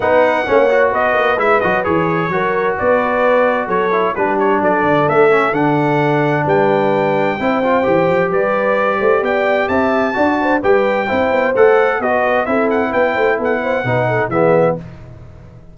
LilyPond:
<<
  \new Staff \with { instrumentName = "trumpet" } { \time 4/4 \tempo 4 = 130 fis''2 dis''4 e''8 dis''8 | cis''2 d''2 | cis''4 b'8 cis''8 d''4 e''4 | fis''2 g''2~ |
g''2 d''2 | g''4 a''2 g''4~ | g''4 fis''4 dis''4 e''8 fis''8 | g''4 fis''2 e''4 | }
  \new Staff \with { instrumentName = "horn" } { \time 4/4 b'4 cis''4 b'2~ | b'4 ais'4 b'2 | a'4 g'4 a'2~ | a'2 b'2 |
c''2 b'4. c''8 | d''4 e''4 d''8 c''8 b'4 | c''2 b'4 a'4 | b'8 c''8 a'8 c''8 b'8 a'8 gis'4 | }
  \new Staff \with { instrumentName = "trombone" } { \time 4/4 dis'4 cis'8 fis'4. e'8 fis'8 | gis'4 fis'2.~ | fis'8 e'8 d'2~ d'8 cis'8 | d'1 |
e'8 f'8 g'2.~ | g'2 fis'4 g'4 | e'4 a'4 fis'4 e'4~ | e'2 dis'4 b4 | }
  \new Staff \with { instrumentName = "tuba" } { \time 4/4 b4 ais4 b8 ais8 gis8 fis8 | e4 fis4 b2 | fis4 g4 fis8 d8 a4 | d2 g2 |
c'4 e8 f8 g4. a8 | b4 c'4 d'4 g4 | c'8 b8 a4 b4 c'4 | b8 a8 b4 b,4 e4 | }
>>